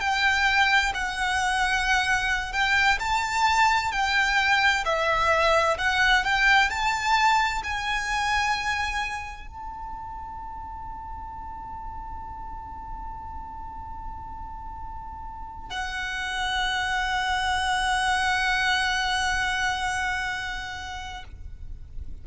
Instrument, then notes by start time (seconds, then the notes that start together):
violin
0.00 G5
0.94 F#5
2.52 G5
3.00 A5
3.91 G5
4.85 E5
5.78 F#5
6.24 G5
6.70 A5
7.63 G#5
9.47 A5
15.70 F#5